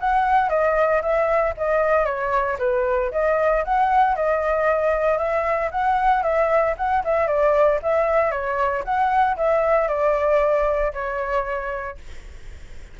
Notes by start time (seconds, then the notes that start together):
0.00 F#5
0.49 D#5
1.02 E5
1.57 D#5
2.05 C#5
2.59 B4
3.12 D#5
3.64 F#5
4.15 D#5
5.18 E5
5.71 F#5
6.23 E5
6.77 F#5
7.04 E5
7.27 D5
7.82 E5
8.31 C#5
8.84 F#5
9.37 E5
9.88 D5
10.93 C#5